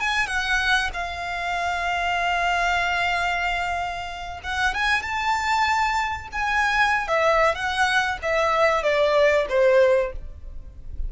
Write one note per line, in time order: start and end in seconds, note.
0.00 0.27 G#5
0.27 0.90 F#5
0.93 4.40 F5
4.43 4.74 F#5
4.74 5.02 G#5
5.02 6.28 A5
6.32 7.08 G#5
7.08 7.55 E5
7.55 8.18 F#5
8.22 8.83 E5
8.83 9.46 D5
9.49 10.12 C5